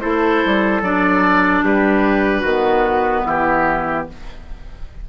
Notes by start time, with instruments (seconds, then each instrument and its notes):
0.00 bassoon A3, clarinet E4, trumpet A4, oboe C5
0.45 bassoon G3
0.82 bassoon F#3, clarinet D4, oboe D5
1.63 bassoon G3, trumpet G4, oboe B4
2.41 bassoon D#3, clarinet B3, trumpet F#4
3.26 bassoon E3, trumpet E4, oboe G4